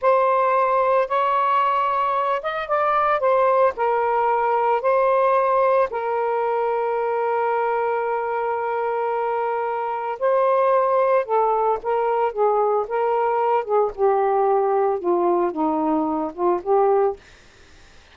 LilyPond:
\new Staff \with { instrumentName = "saxophone" } { \time 4/4 \tempo 4 = 112 c''2 cis''2~ | cis''8 dis''8 d''4 c''4 ais'4~ | ais'4 c''2 ais'4~ | ais'1~ |
ais'2. c''4~ | c''4 a'4 ais'4 gis'4 | ais'4. gis'8 g'2 | f'4 dis'4. f'8 g'4 | }